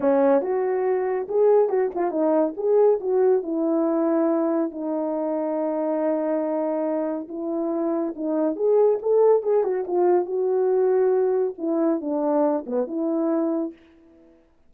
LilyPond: \new Staff \with { instrumentName = "horn" } { \time 4/4 \tempo 4 = 140 cis'4 fis'2 gis'4 | fis'8 f'8 dis'4 gis'4 fis'4 | e'2. dis'4~ | dis'1~ |
dis'4 e'2 dis'4 | gis'4 a'4 gis'8 fis'8 f'4 | fis'2. e'4 | d'4. b8 e'2 | }